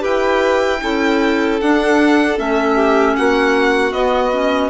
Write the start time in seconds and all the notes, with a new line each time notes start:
0.00 E4 G4 B4 G5
0.82 C#4 E4 A4
1.61 D4 F#5
2.37 A3 C#4 E5
2.75 G4
3.16 A#3 F#4 F#5
3.91 B3 D#5
4.33 C#4